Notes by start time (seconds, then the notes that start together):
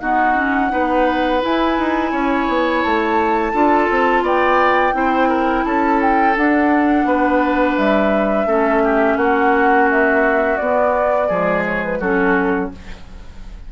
0.00 B3 D#4 F#4 F#5
0.35 C#4
0.70 B3 D#4 B4
1.41 E4 G#5
1.79 D#4
2.12 C#4 C#5
2.48 B3
2.83 A3 A5
3.53 D4 F4 A4
3.91 C4
4.22 B3 D5 G5
4.93 C4 E4 C5
5.29 A#4
5.65 C#4 A4 A5
6.02 G5
6.36 D4 F#5
7.05 B3 B4
7.77 G3 E5
8.46 A3 C#4 A4
8.84 G4
9.17 A#3 F#4 F#5
9.91 E5
10.58 B3 D5
11.28 F3 G#3 G#4
11.66 C#5
11.84 B4
12.00 F#3 C#4 F#4 A4